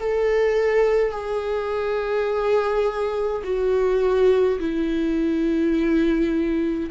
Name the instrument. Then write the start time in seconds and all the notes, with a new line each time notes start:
viola
0.00 A4
1.12 G#4
3.44 F#4
4.60 E4